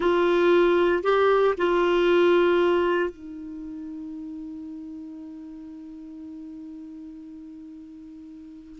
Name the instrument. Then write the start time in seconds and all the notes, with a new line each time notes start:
clarinet
0.00 F4
1.03 G4
1.57 F4
3.10 D#4